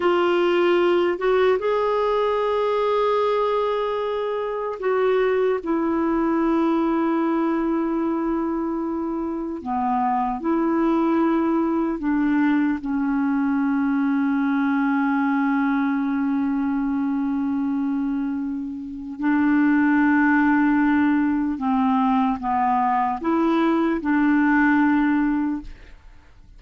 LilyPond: \new Staff \with { instrumentName = "clarinet" } { \time 4/4 \tempo 4 = 75 f'4. fis'8 gis'2~ | gis'2 fis'4 e'4~ | e'1 | b4 e'2 d'4 |
cis'1~ | cis'1 | d'2. c'4 | b4 e'4 d'2 | }